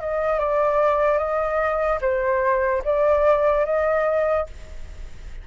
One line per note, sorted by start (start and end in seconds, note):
0.00 0.39 D#5
0.39 1.18 D5
1.18 1.99 D#5
2.01 2.82 C5
2.85 3.65 D5
3.65 4.46 D#5